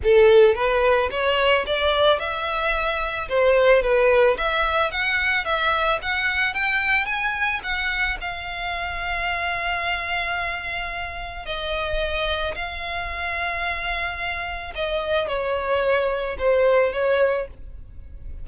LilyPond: \new Staff \with { instrumentName = "violin" } { \time 4/4 \tempo 4 = 110 a'4 b'4 cis''4 d''4 | e''2 c''4 b'4 | e''4 fis''4 e''4 fis''4 | g''4 gis''4 fis''4 f''4~ |
f''1~ | f''4 dis''2 f''4~ | f''2. dis''4 | cis''2 c''4 cis''4 | }